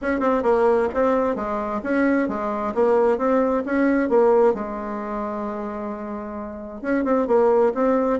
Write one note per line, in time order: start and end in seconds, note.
0.01 0.20 C#4
0.20 0.42 C4
0.43 0.88 A#3
0.94 1.35 C4
1.35 1.81 G#3
1.83 2.28 C#4
2.28 2.74 G#3
2.74 3.18 A#3
3.18 3.63 C4
3.65 4.09 C#4
4.09 4.54 A#3
4.54 6.81 G#3
6.81 7.04 C#4
7.04 7.27 C4
7.27 7.73 A#3
7.74 8.20 C4